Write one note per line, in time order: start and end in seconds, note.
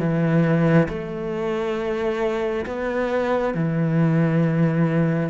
0.00 0.88 E3
0.89 2.66 A3
2.66 3.55 B3
3.55 5.30 E3